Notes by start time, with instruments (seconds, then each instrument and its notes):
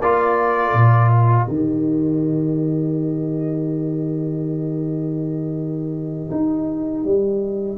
0.00 tuba A#3, trombone F4, horn A#4, trumpet D5
0.73 tuba A#2
1.09 trumpet D#5
1.48 tuba D#3, trombone G4
6.31 tuba D#4
7.04 tuba G3